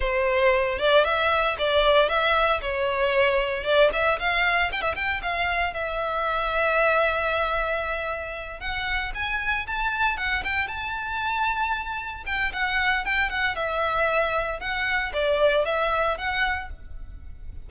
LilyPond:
\new Staff \with { instrumentName = "violin" } { \time 4/4 \tempo 4 = 115 c''4. d''8 e''4 d''4 | e''4 cis''2 d''8 e''8 | f''4 g''16 e''16 g''8 f''4 e''4~ | e''1~ |
e''8 fis''4 gis''4 a''4 fis''8 | g''8 a''2. g''8 | fis''4 g''8 fis''8 e''2 | fis''4 d''4 e''4 fis''4 | }